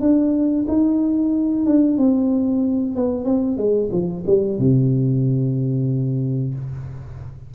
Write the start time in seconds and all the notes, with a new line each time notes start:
0.00 D4
0.68 D#4
1.66 D4
1.97 C4
2.95 B3
3.25 C4
3.57 G#3
3.92 F3
4.26 G3
4.59 C3